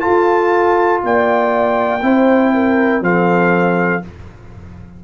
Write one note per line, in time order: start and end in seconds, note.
0.00 2.00 F4
0.00 1.04 F4
0.00 1.02 A4
0.00 1.01 A5
1.04 2.02 A#3
1.04 2.04 D5
1.04 3.04 G5
2.02 3.01 C4
2.02 3.02 E4
2.02 2.54 C5
2.54 3.04 A#4
3.01 4.01 F3
3.01 4.02 C4
3.01 4.04 A4
3.01 4.04 F5